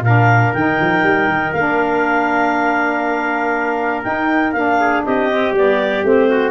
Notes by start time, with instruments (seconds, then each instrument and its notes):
0.00 tuba A#2, saxophone D4, trumpet A#4, clarinet F5
0.53 tuba D#3, saxophone D#4, clarinet G5
0.80 tuba F3
1.02 tuba G3
1.27 tuba D#3
1.52 tuba A#3, saxophone D4, clarinet F5
4.02 saxophone D#4, tuba D#4, clarinet G5
4.51 tuba A#3, saxophone D4, clarinet F5
4.80 trumpet G#4
5.04 tuba C4, trumpet G4, clarinet D#5
5.30 saxophone C4
5.51 tuba G3, saxophone B3, clarinet D5
6.03 tuba A3, saxophone C4, clarinet C5
6.29 trumpet F#4